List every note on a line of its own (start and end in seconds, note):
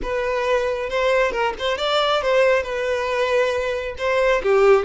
0.02 0.89 B4
0.89 1.31 C5
1.31 1.53 A#4
1.58 1.77 C5
1.77 2.22 D5
2.22 2.62 C5
2.62 3.95 B4
3.97 4.42 C5
4.43 4.84 G4